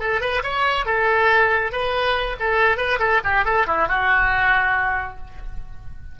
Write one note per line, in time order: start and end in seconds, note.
0.00 0.21 A4
0.21 0.43 B4
0.43 0.86 C#5
0.86 1.72 A4
1.72 2.37 B4
2.40 2.77 A4
2.77 2.99 B4
2.99 3.21 A4
3.24 3.45 G4
3.45 3.67 A4
3.67 3.88 E4
3.88 5.18 F#4